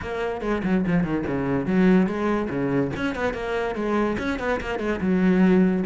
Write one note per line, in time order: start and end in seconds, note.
0.02 0.41 A#3
0.41 0.61 G#3
0.63 0.84 F#3
0.86 1.03 F3
1.03 1.24 D#3
1.26 1.66 C#3
1.66 2.06 F#3
2.06 2.48 G#3
2.49 2.91 C#3
2.96 3.15 C#4
3.15 3.33 B3
3.33 3.75 A#3
3.75 4.16 G#3
4.18 4.39 C#4
4.39 4.60 B3
4.60 4.79 A#3
4.79 5.00 G#3
5.00 5.84 F#3